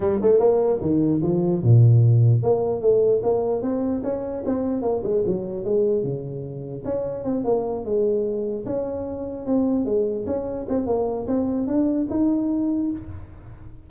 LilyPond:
\new Staff \with { instrumentName = "tuba" } { \time 4/4 \tempo 4 = 149 g8 a8 ais4 dis4 f4 | ais,2 ais4 a4 | ais4 c'4 cis'4 c'4 | ais8 gis8 fis4 gis4 cis4~ |
cis4 cis'4 c'8 ais4 gis8~ | gis4. cis'2 c'8~ | c'8 gis4 cis'4 c'8 ais4 | c'4 d'4 dis'2 | }